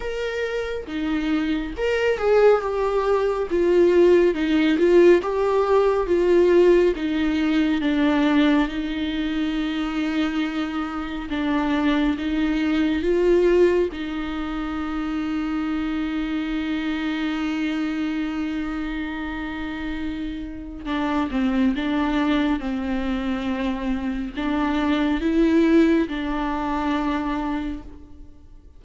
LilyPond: \new Staff \with { instrumentName = "viola" } { \time 4/4 \tempo 4 = 69 ais'4 dis'4 ais'8 gis'8 g'4 | f'4 dis'8 f'8 g'4 f'4 | dis'4 d'4 dis'2~ | dis'4 d'4 dis'4 f'4 |
dis'1~ | dis'1 | d'8 c'8 d'4 c'2 | d'4 e'4 d'2 | }